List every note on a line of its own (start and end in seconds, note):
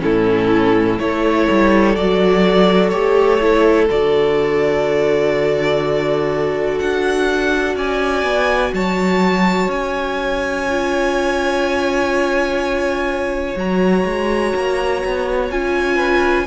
0.00 1.00 A2
0.00 0.97 C#4
0.00 1.00 E4
0.00 1.00 A4
0.99 1.49 A3
0.99 1.96 E4
0.99 7.76 A4
0.99 1.96 C#5
1.51 1.97 G3
1.96 2.93 F#3
1.96 2.92 F#4
1.96 2.90 D5
2.90 3.90 A3
2.90 3.40 G4
2.90 3.86 C#5
3.41 3.89 E4
3.90 6.81 D3
3.90 10.68 F#4
3.90 6.79 D5
6.79 7.76 D4
6.79 7.76 F#5
7.76 8.24 C#4
7.76 8.73 D5
7.76 8.75 G#5
8.24 8.72 B3
8.74 9.68 F#3
8.74 15.96 C#5
8.74 9.71 A5
9.68 13.55 C#4
9.68 13.58 G#5
10.69 13.57 F4
13.56 14.05 F#3
13.56 15.50 F#4
13.56 15.52 A#5
14.06 14.54 G#3
14.56 15.04 A#3
15.05 15.51 B3
15.50 16.47 C#4
15.50 16.46 F4
15.50 16.47 G#5
15.96 16.45 B4